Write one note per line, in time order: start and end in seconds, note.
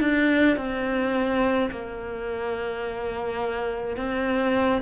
0.00 0.57 D4
0.57 1.70 C4
1.71 3.96 A#3
3.96 4.81 C4